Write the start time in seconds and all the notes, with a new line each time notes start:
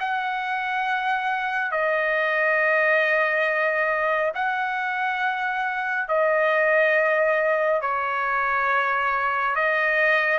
0.00 F#5
1.72 D#5
4.34 F#5
6.08 D#5
7.81 C#5
9.55 D#5